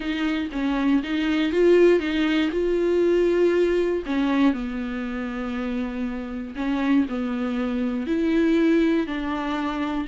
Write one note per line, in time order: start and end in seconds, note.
0.00 0.49 D#4
0.52 1.02 C#4
1.03 1.52 D#4
1.52 1.99 F4
1.99 2.50 D#4
2.51 4.03 F4
4.05 4.53 C#4
4.53 6.55 B3
6.55 7.06 C#4
7.08 8.06 B3
8.06 9.06 E4
9.06 10.07 D4